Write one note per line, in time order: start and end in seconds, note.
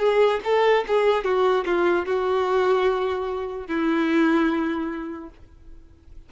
0.00 0.41 G#4
0.44 0.85 A4
0.88 1.25 G#4
1.25 1.65 F#4
1.65 2.06 F4
2.06 3.68 F#4
3.68 5.30 E4